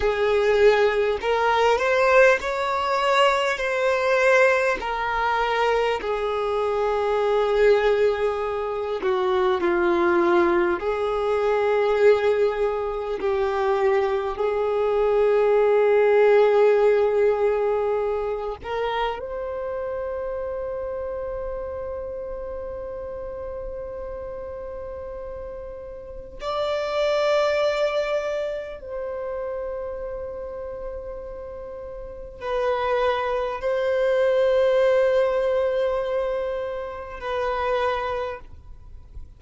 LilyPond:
\new Staff \with { instrumentName = "violin" } { \time 4/4 \tempo 4 = 50 gis'4 ais'8 c''8 cis''4 c''4 | ais'4 gis'2~ gis'8 fis'8 | f'4 gis'2 g'4 | gis'2.~ gis'8 ais'8 |
c''1~ | c''2 d''2 | c''2. b'4 | c''2. b'4 | }